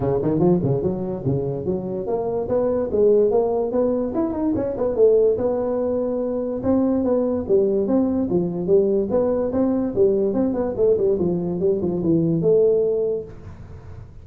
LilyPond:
\new Staff \with { instrumentName = "tuba" } { \time 4/4 \tempo 4 = 145 cis8 dis8 f8 cis8 fis4 cis4 | fis4 ais4 b4 gis4 | ais4 b4 e'8 dis'8 cis'8 b8 | a4 b2. |
c'4 b4 g4 c'4 | f4 g4 b4 c'4 | g4 c'8 b8 a8 g8 f4 | g8 f8 e4 a2 | }